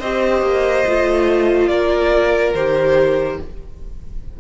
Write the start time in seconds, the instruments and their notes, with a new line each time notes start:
0.00 cello C4, viola G4, violin C5 D#5
0.42 cello A#3
0.87 cello A3, viola F4
1.68 cello A#3, violin A#4 D5
2.54 cello D#3, viola G4, violin C5